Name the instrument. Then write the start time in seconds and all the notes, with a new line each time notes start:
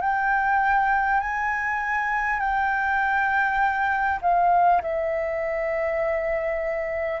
flute
0.00 G5
1.20 G#5
2.39 G5
4.21 F5
4.82 E5